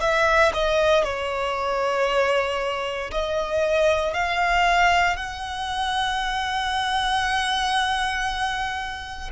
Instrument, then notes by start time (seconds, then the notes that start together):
violin
0.00 E5
0.54 D#5
1.03 C#5
3.11 D#5
4.13 F5
5.16 F#5